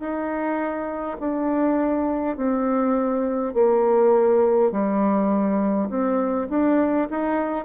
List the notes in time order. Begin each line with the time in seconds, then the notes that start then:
0.00 D#4
1.20 D4
2.37 C4
3.55 A#3
4.72 G3
5.90 C4
6.50 D4
7.11 D#4